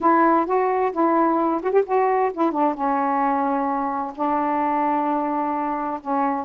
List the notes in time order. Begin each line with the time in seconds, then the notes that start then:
0.00 E4
0.46 F#4
0.92 E4
1.63 F#4
1.71 G4
1.85 F#4
2.33 E4
2.51 D4
2.74 C#4
4.15 D4
6.01 C#4